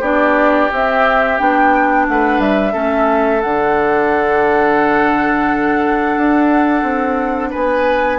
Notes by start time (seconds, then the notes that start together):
0.00 B3 D4 G4 D5
0.72 C4 E5
1.38 B3 D4 G5
2.08 A3 B4 F#5
2.39 G3 E5
2.72 A3 C#4 A4
3.41 D3 D4 F#5
6.17 D4
6.82 C4
7.50 B3 B4 G#5